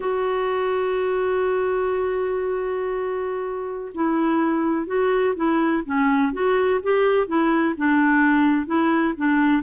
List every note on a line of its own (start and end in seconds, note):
0.00 3.92 F#4
3.94 4.86 E4
4.86 5.34 F#4
5.35 5.83 E4
5.85 6.32 C#4
6.32 6.80 F#4
6.82 7.27 G4
7.27 7.74 E4
7.77 8.66 D4
8.66 9.14 E4
9.17 9.62 D4